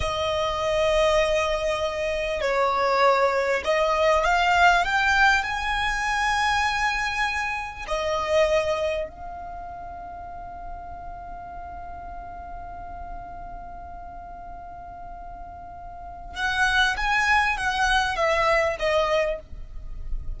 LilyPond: \new Staff \with { instrumentName = "violin" } { \time 4/4 \tempo 4 = 99 dis''1 | cis''2 dis''4 f''4 | g''4 gis''2.~ | gis''4 dis''2 f''4~ |
f''1~ | f''1~ | f''2. fis''4 | gis''4 fis''4 e''4 dis''4 | }